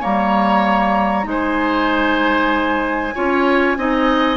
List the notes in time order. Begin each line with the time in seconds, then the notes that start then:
0.00 G3 A#3 C#5 A#5
1.23 G#3 D#4 C5 G#5
3.14 C#4 F4 C#5
3.77 C4 D#4 D#5